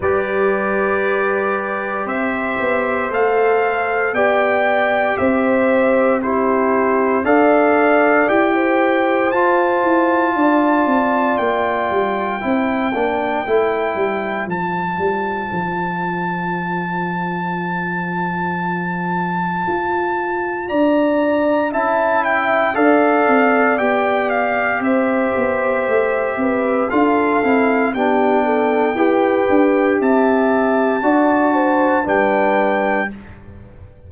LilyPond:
<<
  \new Staff \with { instrumentName = "trumpet" } { \time 4/4 \tempo 4 = 58 d''2 e''4 f''4 | g''4 e''4 c''4 f''4 | g''4 a''2 g''4~ | g''2 a''2~ |
a''1 | ais''4 a''8 g''8 f''4 g''8 f''8 | e''2 f''4 g''4~ | g''4 a''2 g''4 | }
  \new Staff \with { instrumentName = "horn" } { \time 4/4 b'2 c''2 | d''4 c''4 g'4 d''4~ | d''16 c''4.~ c''16 d''2 | c''1~ |
c''1 | d''4 e''4 d''2 | c''4. b'8 a'4 g'8 a'8 | b'4 e''4 d''8 c''8 b'4 | }
  \new Staff \with { instrumentName = "trombone" } { \time 4/4 g'2. a'4 | g'2 e'4 a'4 | g'4 f'2. | e'8 d'8 e'4 f'2~ |
f'1~ | f'4 e'4 a'4 g'4~ | g'2 f'8 e'8 d'4 | g'2 fis'4 d'4 | }
  \new Staff \with { instrumentName = "tuba" } { \time 4/4 g2 c'8 b8 a4 | b4 c'2 d'4 | e'4 f'8 e'8 d'8 c'8 ais8 g8 | c'8 ais8 a8 g8 f8 g8 f4~ |
f2. f'4 | d'4 cis'4 d'8 c'8 b4 | c'8 b8 a8 c'8 d'8 c'8 b4 | e'8 d'8 c'4 d'4 g4 | }
>>